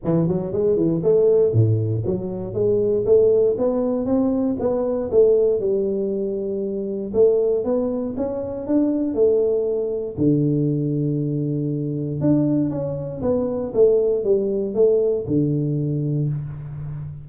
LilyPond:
\new Staff \with { instrumentName = "tuba" } { \time 4/4 \tempo 4 = 118 e8 fis8 gis8 e8 a4 a,4 | fis4 gis4 a4 b4 | c'4 b4 a4 g4~ | g2 a4 b4 |
cis'4 d'4 a2 | d1 | d'4 cis'4 b4 a4 | g4 a4 d2 | }